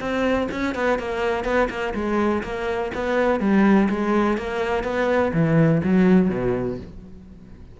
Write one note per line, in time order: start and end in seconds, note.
0.00 0.48 C4
0.51 0.75 C#4
0.75 0.99 B3
0.99 1.44 A#3
1.44 1.68 B3
1.69 1.94 A#3
1.94 2.43 G#3
2.43 2.92 A#3
2.94 3.40 B3
3.40 3.88 G3
3.89 4.37 G#3
4.37 4.83 A#3
4.83 5.32 B3
5.33 5.82 E3
5.84 6.29 F#3
6.29 6.78 B2